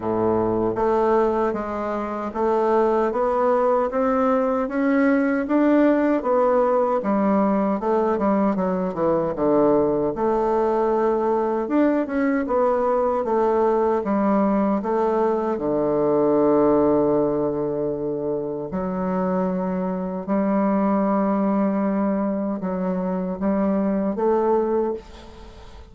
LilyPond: \new Staff \with { instrumentName = "bassoon" } { \time 4/4 \tempo 4 = 77 a,4 a4 gis4 a4 | b4 c'4 cis'4 d'4 | b4 g4 a8 g8 fis8 e8 | d4 a2 d'8 cis'8 |
b4 a4 g4 a4 | d1 | fis2 g2~ | g4 fis4 g4 a4 | }